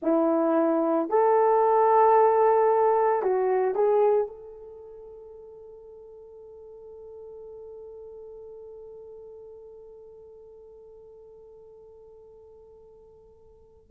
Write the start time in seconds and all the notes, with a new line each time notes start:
0.02 E4
1.09 A4
3.22 F#4
3.75 G#4
4.27 A4